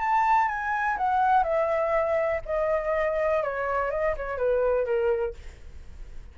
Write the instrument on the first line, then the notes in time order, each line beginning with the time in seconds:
flute
0.00 A5
0.49 G#5
0.98 F#5
1.44 E5
2.46 D#5
3.43 C#5
3.91 D#5
4.17 C#5
4.38 B4
4.86 A#4